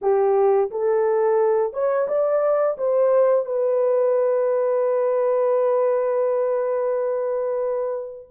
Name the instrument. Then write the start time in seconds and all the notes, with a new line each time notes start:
horn
0.01 G4
0.71 A4
1.73 C#5
2.08 D5
2.77 C5
3.45 B4